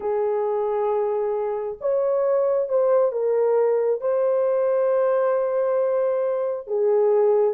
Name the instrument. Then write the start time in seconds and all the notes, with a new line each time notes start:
horn
0.00 G#4
1.80 C#5
2.68 C5
3.12 A#4
4.00 C5
6.67 G#4